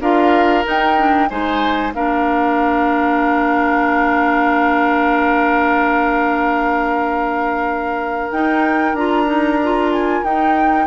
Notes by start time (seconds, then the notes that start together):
0.00 D4 F4 A#4 F5
0.64 D#4 G5
0.97 D4
1.29 G#3 D#4 C5 G#5
1.93 A#3 D4 A#4 F5
8.31 D#4 G5
8.93 D4 F4 A#5
9.26 D#4
9.63 F4
9.91 G#5
10.23 D#4 G5